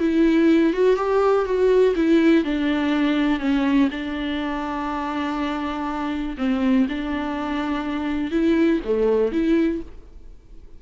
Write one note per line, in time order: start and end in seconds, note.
0.00 0.74 E4
0.74 0.96 F#4
0.96 1.46 G4
1.46 1.95 F#4
1.96 2.45 E4
2.45 3.40 D4
3.40 3.89 C#4
3.91 6.37 D4
6.38 6.87 C4
6.89 8.32 D4
8.32 8.81 E4
8.85 9.32 A3
9.32 9.82 E4